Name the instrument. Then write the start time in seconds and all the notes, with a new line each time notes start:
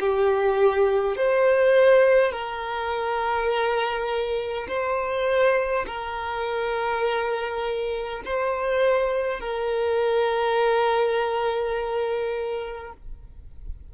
violin
0.00 G4
1.17 C5
2.32 A#4
4.68 C5
5.87 A#4
8.25 C5
9.40 A#4